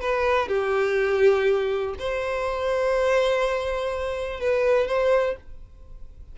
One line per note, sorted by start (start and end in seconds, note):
0.00 0.48 B4
0.48 1.94 G4
1.98 4.40 C5
4.40 4.87 B4
4.87 5.36 C5